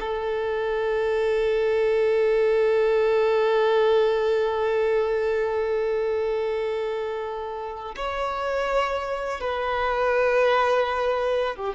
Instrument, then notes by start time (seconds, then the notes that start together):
violin
0.00 A4
7.96 C#5
9.41 B4
11.56 G4